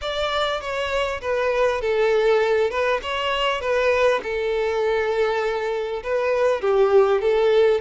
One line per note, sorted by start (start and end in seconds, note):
0.01 0.60 D5
0.60 1.20 C#5
1.21 1.81 B4
1.81 2.70 A4
2.70 3.00 B4
3.02 3.61 C#5
3.61 4.21 B4
4.22 6.02 A4
6.03 6.61 B4
6.61 7.21 G4
7.21 7.80 A4